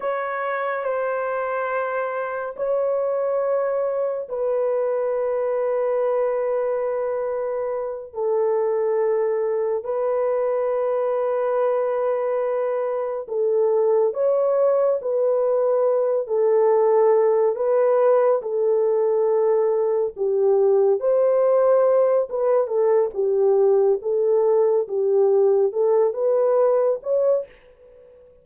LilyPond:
\new Staff \with { instrumentName = "horn" } { \time 4/4 \tempo 4 = 70 cis''4 c''2 cis''4~ | cis''4 b'2.~ | b'4. a'2 b'8~ | b'2.~ b'8 a'8~ |
a'8 cis''4 b'4. a'4~ | a'8 b'4 a'2 g'8~ | g'8 c''4. b'8 a'8 g'4 | a'4 g'4 a'8 b'4 cis''8 | }